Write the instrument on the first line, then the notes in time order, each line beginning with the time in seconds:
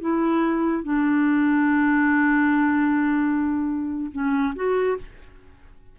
clarinet
0.00 E4
0.83 D4
4.12 C#4
4.55 F#4